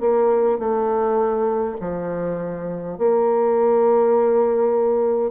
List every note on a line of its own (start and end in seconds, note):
0.00 0.58 A#3
0.58 1.76 A3
1.80 2.98 F3
2.98 5.31 A#3